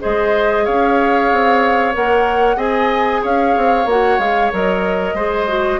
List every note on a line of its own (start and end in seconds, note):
0.00 0.68 G#3
0.00 1.94 G#4
0.00 0.65 C5
0.00 0.66 D#5
0.65 1.32 C#4
0.65 2.57 C#5
0.65 1.95 F5
1.32 1.95 C4
1.94 2.57 A#3
1.94 2.57 A#4
1.94 2.59 F#5
2.57 3.21 C4
2.57 3.86 G#4
2.57 3.21 D#5
2.57 3.23 G#5
3.22 3.57 C#4
3.22 5.15 C#5
3.22 3.89 F5
3.57 3.86 C4
3.86 4.18 A#3
3.86 4.20 F#4
3.86 4.19 F#5
4.19 4.51 G#3
4.19 4.53 G#4
4.19 4.52 F5
4.53 5.14 F#3
4.53 5.17 A#4
4.53 5.80 D#5
5.14 5.78 G#3
5.14 5.48 G#4
5.14 5.80 C5
5.48 5.80 F#4